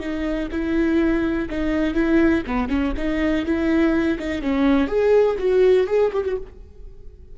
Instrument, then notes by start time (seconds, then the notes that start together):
viola
0.00 D#4
0.52 E4
1.50 D#4
1.94 E4
2.47 B3
2.69 C#4
2.97 D#4
3.45 E4
4.19 D#4
4.42 C#4
4.88 G#4
5.39 F#4
5.87 G#4
6.13 G4
6.25 F#4